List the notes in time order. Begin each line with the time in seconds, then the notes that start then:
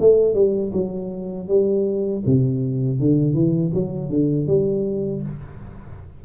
0.00 A3
0.34 G3
0.73 F#3
1.48 G3
2.26 C3
3.00 D3
3.34 E3
3.74 F#3
4.09 D3
4.47 G3